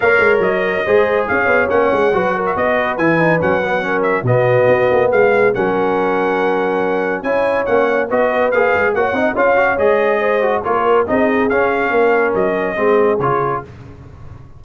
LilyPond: <<
  \new Staff \with { instrumentName = "trumpet" } { \time 4/4 \tempo 4 = 141 f''4 dis''2 f''4 | fis''4.~ fis''16 e''16 dis''4 gis''4 | fis''4. e''8 dis''2 | f''4 fis''2.~ |
fis''4 gis''4 fis''4 dis''4 | f''4 fis''4 f''4 dis''4~ | dis''4 cis''4 dis''4 f''4~ | f''4 dis''2 cis''4 | }
  \new Staff \with { instrumentName = "horn" } { \time 4/4 cis''2 c''4 cis''4~ | cis''4 b'8 ais'8 b'2~ | b'4 ais'4 fis'2 | gis'4 ais'2.~ |
ais'4 cis''2 b'4~ | b'4 cis''8 dis''8 cis''2 | c''4 ais'4 gis'2 | ais'2 gis'2 | }
  \new Staff \with { instrumentName = "trombone" } { \time 4/4 ais'2 gis'2 | cis'4 fis'2 e'8 dis'8 | cis'8 b8 cis'4 b2~ | b4 cis'2.~ |
cis'4 e'4 cis'4 fis'4 | gis'4 fis'8 dis'8 f'8 fis'8 gis'4~ | gis'8 fis'8 f'4 dis'4 cis'4~ | cis'2 c'4 f'4 | }
  \new Staff \with { instrumentName = "tuba" } { \time 4/4 ais8 gis8 fis4 gis4 cis'8 b8 | ais8 gis8 fis4 b4 e4 | fis2 b,4 b8 ais8 | gis4 fis2.~ |
fis4 cis'4 ais4 b4 | ais8 gis8 ais8 c'8 cis'4 gis4~ | gis4 ais4 c'4 cis'4 | ais4 fis4 gis4 cis4 | }
>>